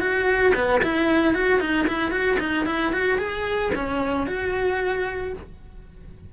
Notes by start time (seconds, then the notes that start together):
0.00 F#4
0.55 B3
0.83 E4
1.34 F#4
1.60 D#4
1.88 E4
2.11 F#4
2.39 D#4
2.66 E4
2.93 F#4
3.18 G#4
3.75 C#4
4.26 F#4